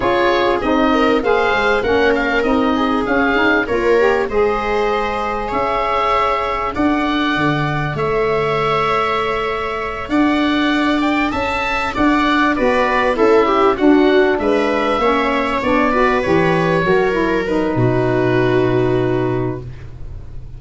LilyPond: <<
  \new Staff \with { instrumentName = "oboe" } { \time 4/4 \tempo 4 = 98 cis''4 dis''4 f''4 fis''8 f''8 | dis''4 f''4 cis''4 dis''4~ | dis''4 e''2 fis''4~ | fis''4 e''2.~ |
e''8 fis''4. g''8 a''4 fis''8~ | fis''8 d''4 e''4 fis''4 e''8~ | e''4. d''4 cis''4.~ | cis''8 b'2.~ b'8 | }
  \new Staff \with { instrumentName = "viola" } { \time 4/4 gis'4. ais'8 c''4 ais'4~ | ais'8 gis'4. ais'4 c''4~ | c''4 cis''2 d''4~ | d''4 cis''2.~ |
cis''8 d''2 e''4 d''8~ | d''8 b'4 a'8 g'8 fis'4 b'8~ | b'8 cis''4. b'4. ais'8~ | ais'4 fis'2. | }
  \new Staff \with { instrumentName = "saxophone" } { \time 4/4 f'4 dis'4 gis'4 cis'4 | dis'4 cis'8 dis'8 f'8 g'8 gis'4~ | gis'2. a'4~ | a'1~ |
a'1~ | a'8 fis'4 e'4 d'4.~ | d'8 cis'4 d'8 fis'8 g'4 fis'8 | e'8 dis'2.~ dis'8 | }
  \new Staff \with { instrumentName = "tuba" } { \time 4/4 cis'4 c'4 ais8 gis8 ais4 | c'4 cis'4 ais4 gis4~ | gis4 cis'2 d'4 | d4 a2.~ |
a8 d'2 cis'4 d'8~ | d'8 b4 cis'4 d'4 gis8~ | gis8 ais4 b4 e4 fis8~ | fis4 b,2. | }
>>